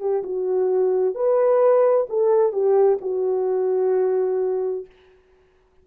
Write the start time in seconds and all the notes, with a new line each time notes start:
0.00 G4
0.23 F#4
1.15 B4
2.09 A4
2.53 G4
3.02 F#4